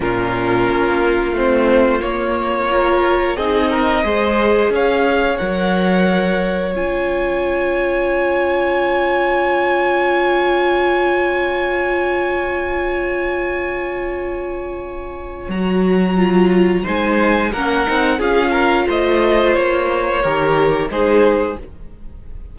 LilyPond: <<
  \new Staff \with { instrumentName = "violin" } { \time 4/4 \tempo 4 = 89 ais'2 c''4 cis''4~ | cis''4 dis''2 f''4 | fis''2 gis''2~ | gis''1~ |
gis''1~ | gis''2. ais''4~ | ais''4 gis''4 fis''4 f''4 | dis''4 cis''2 c''4 | }
  \new Staff \with { instrumentName = "violin" } { \time 4/4 f'1 | ais'4 gis'8 ais'8 c''4 cis''4~ | cis''1~ | cis''1~ |
cis''1~ | cis''1~ | cis''4 c''4 ais'4 gis'8 ais'8 | c''2 ais'4 gis'4 | }
  \new Staff \with { instrumentName = "viola" } { \time 4/4 cis'2 c'4 ais4 | f'4 dis'4 gis'2 | ais'2 f'2~ | f'1~ |
f'1~ | f'2. fis'4 | f'4 dis'4 cis'8 dis'8 f'4~ | f'2 g'4 dis'4 | }
  \new Staff \with { instrumentName = "cello" } { \time 4/4 ais,4 ais4 a4 ais4~ | ais4 c'4 gis4 cis'4 | fis2 cis'2~ | cis'1~ |
cis'1~ | cis'2. fis4~ | fis4 gis4 ais8 c'8 cis'4 | a4 ais4 dis4 gis4 | }
>>